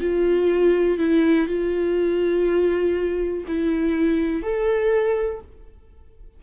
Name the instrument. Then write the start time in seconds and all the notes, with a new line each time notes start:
viola
0.00 F4
0.98 E4
1.47 F4
3.47 E4
4.42 A4